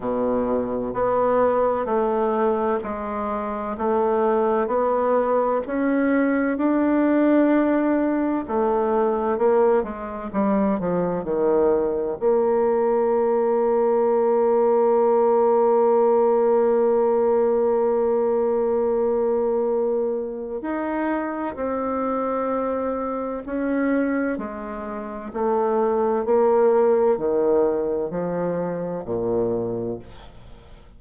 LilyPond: \new Staff \with { instrumentName = "bassoon" } { \time 4/4 \tempo 4 = 64 b,4 b4 a4 gis4 | a4 b4 cis'4 d'4~ | d'4 a4 ais8 gis8 g8 f8 | dis4 ais2.~ |
ais1~ | ais2 dis'4 c'4~ | c'4 cis'4 gis4 a4 | ais4 dis4 f4 ais,4 | }